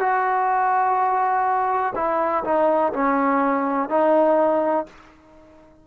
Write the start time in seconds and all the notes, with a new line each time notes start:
0.00 F#4
1.96 E4
2.45 D#4
2.93 C#4
3.90 D#4